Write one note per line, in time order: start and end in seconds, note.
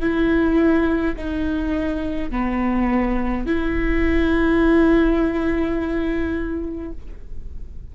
0.00 1.15 E4
1.16 2.30 D#4
2.30 3.46 B3
3.46 6.92 E4